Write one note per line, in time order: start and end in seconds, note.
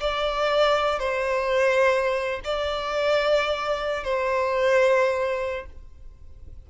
0.00 0.98 D5
0.98 2.40 C5
2.44 4.03 D5
4.03 5.65 C5